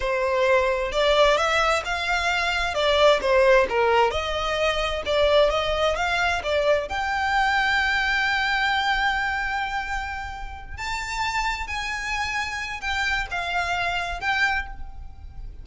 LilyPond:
\new Staff \with { instrumentName = "violin" } { \time 4/4 \tempo 4 = 131 c''2 d''4 e''4 | f''2 d''4 c''4 | ais'4 dis''2 d''4 | dis''4 f''4 d''4 g''4~ |
g''1~ | g''2.~ g''8 a''8~ | a''4. gis''2~ gis''8 | g''4 f''2 g''4 | }